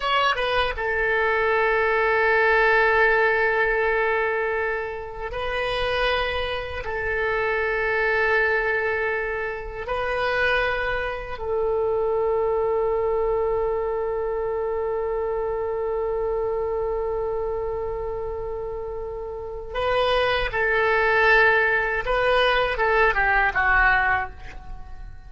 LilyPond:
\new Staff \with { instrumentName = "oboe" } { \time 4/4 \tempo 4 = 79 cis''8 b'8 a'2.~ | a'2. b'4~ | b'4 a'2.~ | a'4 b'2 a'4~ |
a'1~ | a'1~ | a'2 b'4 a'4~ | a'4 b'4 a'8 g'8 fis'4 | }